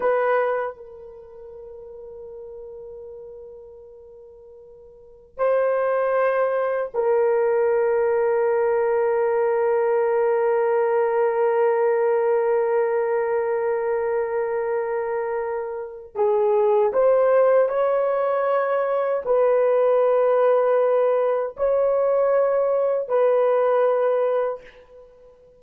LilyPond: \new Staff \with { instrumentName = "horn" } { \time 4/4 \tempo 4 = 78 b'4 ais'2.~ | ais'2. c''4~ | c''4 ais'2.~ | ais'1~ |
ais'1~ | ais'4 gis'4 c''4 cis''4~ | cis''4 b'2. | cis''2 b'2 | }